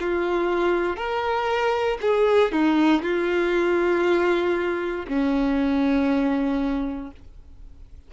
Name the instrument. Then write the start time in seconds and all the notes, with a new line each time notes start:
violin
0.00 F4
0.96 A#4
2.01 G#4
2.52 D#4
3.02 F4
5.08 C#4